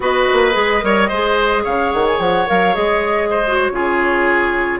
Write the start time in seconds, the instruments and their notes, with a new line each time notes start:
0.00 bassoon B3, clarinet F#4, oboe B4, flute D#5
0.32 bassoon A#3
0.52 bassoon G#3, clarinet G#4
0.81 bassoon G3, clarinet A#4, oboe C#5
1.08 bassoon G#3, clarinet G#4, oboe C5
1.63 bassoon C#3, oboe C#5, flute F5
1.92 bassoon D#3, flute F#5
2.06 flute G#5
2.18 bassoon F3, flute F#5
2.46 bassoon F#3, clarinet A#4, flute F5
2.74 bassoon G#3, clarinet G#4, flute D#5
3.30 oboe C5
3.47 clarinet F#4
3.55 flute C#5
3.70 bassoon C#3, clarinet F4, oboe G#4